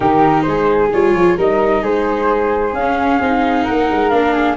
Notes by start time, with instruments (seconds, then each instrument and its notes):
0.00 tuba D#3, viola D#4, flute G4 A#4
0.42 tuba G#3, flute G#4 C5
0.92 tuba G3, viola F4, flute C#5
1.13 tuba F3
1.36 tuba G3, viola D#4, flute A#4 D#5
1.82 tuba G#3, flute G#4 C5
2.72 tuba C#4, flute F5
2.80 viola C#4
3.20 tuba C4, viola D#4
3.64 tuba A#3, flute A#4 F#5
3.91 tuba G#3
4.10 tuba A#3, viola D4, flute F5
4.33 flute G#4